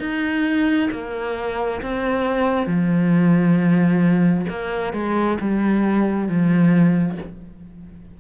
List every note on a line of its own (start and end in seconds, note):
0.00 0.90 D#4
0.92 1.82 A#3
1.82 2.67 C4
2.67 4.46 F3
4.50 4.93 A#3
4.93 5.38 G#3
5.41 6.28 G3
6.28 7.18 F3